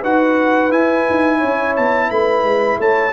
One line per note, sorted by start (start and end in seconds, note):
0.00 0.71 D#4
0.00 0.70 F#4
0.00 1.37 B4
0.00 0.71 F#5
0.70 3.11 E4
0.70 1.05 E4
0.70 1.75 G#5
1.10 1.43 D#4
1.37 1.78 C#4
1.37 2.06 C#5
1.76 2.10 B3
1.76 2.10 A5
2.09 2.43 A3
2.09 2.78 B4
2.09 2.79 B5
2.43 2.77 G#3
2.78 3.12 A3
2.78 3.12 C#5
2.78 3.12 A5